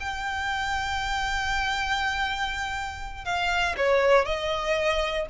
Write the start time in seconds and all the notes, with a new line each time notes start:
0.00 G5
3.25 F5
3.77 C#5
4.25 D#5